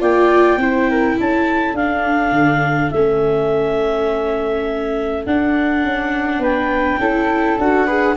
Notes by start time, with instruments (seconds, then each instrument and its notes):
0.00 tuba A#3, viola F4, flute D5, clarinet G5
0.58 tuba C4, viola E4, flute C5
0.90 flute A#4
1.19 tuba C#4, flute A4, clarinet A5
1.74 tuba D4, viola D4, clarinet F5
2.32 tuba D3
2.91 tuba A3, viola C#4, clarinet E5
5.26 tuba D4, viola D4, clarinet F#5
5.84 tuba C#4
6.39 tuba B3, flute B4, clarinet G5
7.00 tuba C#4, viola E4, flute A4
7.59 tuba D4, viola F#4, clarinet F#5
7.86 viola G#4, flute B4